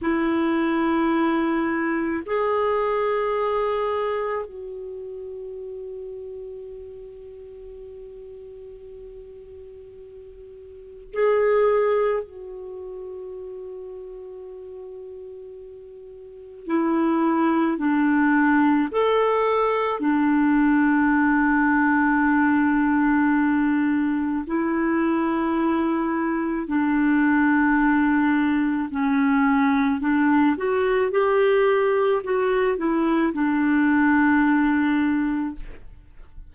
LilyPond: \new Staff \with { instrumentName = "clarinet" } { \time 4/4 \tempo 4 = 54 e'2 gis'2 | fis'1~ | fis'2 gis'4 fis'4~ | fis'2. e'4 |
d'4 a'4 d'2~ | d'2 e'2 | d'2 cis'4 d'8 fis'8 | g'4 fis'8 e'8 d'2 | }